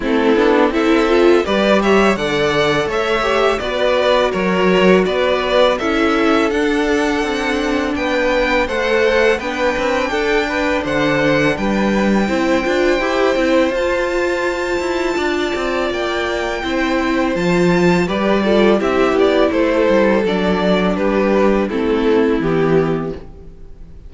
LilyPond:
<<
  \new Staff \with { instrumentName = "violin" } { \time 4/4 \tempo 4 = 83 a'4 e''4 d''8 e''8 fis''4 | e''4 d''4 cis''4 d''4 | e''4 fis''2 g''4 | fis''4 g''2 fis''4 |
g''2. a''4~ | a''2 g''2 | a''4 d''4 e''8 d''8 c''4 | d''4 b'4 a'4 g'4 | }
  \new Staff \with { instrumentName = "violin" } { \time 4/4 e'4 a'4 b'8 cis''8 d''4 | cis''4 b'4 ais'4 b'4 | a'2. b'4 | c''4 b'4 a'8 b'8 c''4 |
b'4 c''2.~ | c''4 d''2 c''4~ | c''4 b'8 a'8 g'4 a'4~ | a'4 g'4 e'2 | }
  \new Staff \with { instrumentName = "viola" } { \time 4/4 c'8 d'8 e'8 f'8 g'4 a'4~ | a'8 g'8 fis'2. | e'4 d'2. | a'4 d'2.~ |
d'4 e'8 f'8 g'8 e'8 f'4~ | f'2. e'4 | f'4 g'8 f'8 e'2 | d'2 c'4 b4 | }
  \new Staff \with { instrumentName = "cello" } { \time 4/4 a8 b8 c'4 g4 d4 | a4 b4 fis4 b4 | cis'4 d'4 c'4 b4 | a4 b8 c'8 d'4 d4 |
g4 c'8 d'8 e'8 c'8 f'4~ | f'8 e'8 d'8 c'8 ais4 c'4 | f4 g4 c'8 b8 a8 g8 | fis4 g4 a4 e4 | }
>>